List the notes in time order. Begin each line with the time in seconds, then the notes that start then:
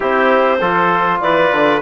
0.00 C4 E4 G4 C5
0.60 F3 F4 A4
1.20 E3 B4 D5
1.51 D3